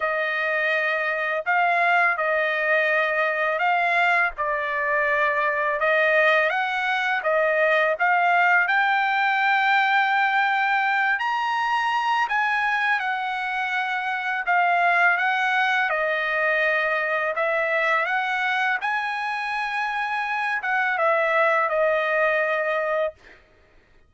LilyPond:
\new Staff \with { instrumentName = "trumpet" } { \time 4/4 \tempo 4 = 83 dis''2 f''4 dis''4~ | dis''4 f''4 d''2 | dis''4 fis''4 dis''4 f''4 | g''2.~ g''8 ais''8~ |
ais''4 gis''4 fis''2 | f''4 fis''4 dis''2 | e''4 fis''4 gis''2~ | gis''8 fis''8 e''4 dis''2 | }